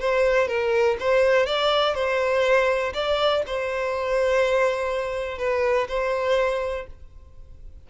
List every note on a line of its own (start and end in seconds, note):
0.00 0.48 C5
0.48 0.97 A#4
1.00 1.47 C5
1.47 1.95 D5
1.95 2.93 C5
2.94 3.43 D5
3.47 5.39 C5
5.39 5.88 B4
5.89 6.87 C5